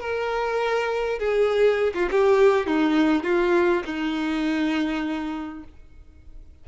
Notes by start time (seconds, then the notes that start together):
0.00 A#4
1.19 G#4
1.94 F4
2.11 G4
2.66 D#4
3.23 F4
3.85 D#4